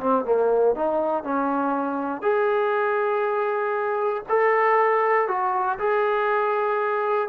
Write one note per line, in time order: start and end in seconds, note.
0.00 0.25 C4
0.25 0.75 A#3
0.75 1.23 D#4
1.23 2.22 C#4
2.22 4.24 G#4
4.29 5.28 A4
5.28 5.78 F#4
5.79 7.29 G#4